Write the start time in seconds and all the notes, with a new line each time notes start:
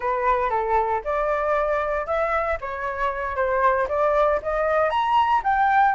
0.00 B4
0.50 A4
1.04 D5
2.06 E5
2.60 C#5
3.36 C5
3.88 D5
4.42 D#5
4.90 A#5
5.43 G5